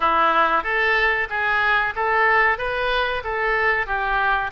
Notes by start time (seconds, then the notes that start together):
0.00 E4
0.63 A4
1.29 G#4
1.95 A4
2.58 B4
3.24 A4
3.86 G4